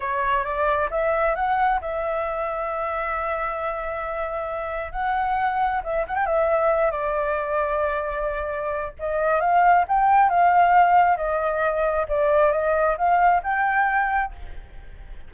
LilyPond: \new Staff \with { instrumentName = "flute" } { \time 4/4 \tempo 4 = 134 cis''4 d''4 e''4 fis''4 | e''1~ | e''2. fis''4~ | fis''4 e''8 fis''16 g''16 e''4. d''8~ |
d''1 | dis''4 f''4 g''4 f''4~ | f''4 dis''2 d''4 | dis''4 f''4 g''2 | }